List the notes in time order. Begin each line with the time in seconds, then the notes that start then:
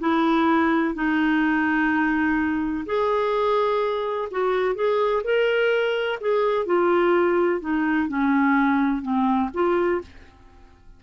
0.00 E4
0.95 D#4
2.86 G#4
4.31 F#4
4.75 G#4
5.24 A#4
6.21 G#4
6.66 F4
7.61 D#4
8.09 C#4
9.03 C4
9.54 F4